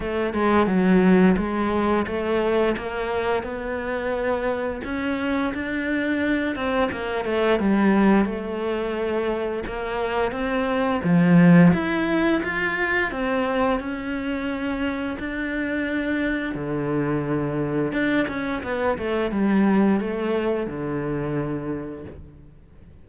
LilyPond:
\new Staff \with { instrumentName = "cello" } { \time 4/4 \tempo 4 = 87 a8 gis8 fis4 gis4 a4 | ais4 b2 cis'4 | d'4. c'8 ais8 a8 g4 | a2 ais4 c'4 |
f4 e'4 f'4 c'4 | cis'2 d'2 | d2 d'8 cis'8 b8 a8 | g4 a4 d2 | }